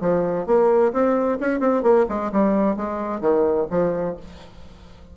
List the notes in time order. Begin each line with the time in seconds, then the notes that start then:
0.00 F3
0.46 A#3
0.92 C4
1.40 C#4
1.60 C4
1.83 A#3
2.08 G#3
2.32 G3
2.76 G#3
3.21 D#3
3.70 F3